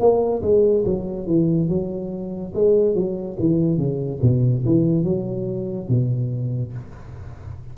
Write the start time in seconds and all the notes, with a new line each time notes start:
0.00 A#3
0.43 G#3
0.86 F#3
1.27 E3
1.69 F#3
2.55 G#3
2.95 F#3
3.40 E3
3.78 C#3
4.23 B2
4.66 E3
5.04 F#3
5.89 B2